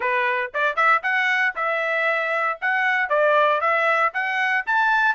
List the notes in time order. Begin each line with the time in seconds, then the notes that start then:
0.00 B4
0.54 D5
0.75 E5
1.02 F#5
1.55 E5
2.61 F#5
3.09 D5
3.60 E5
4.13 F#5
4.66 A5